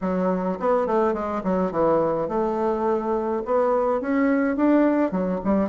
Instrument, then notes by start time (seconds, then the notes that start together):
bassoon
0.01 F#3
0.59 B3
0.86 A3
1.13 G#3
1.43 F#3
1.71 E3
2.28 A3
3.45 B3
4.01 C#4
4.56 D4
5.11 F#3
5.44 G3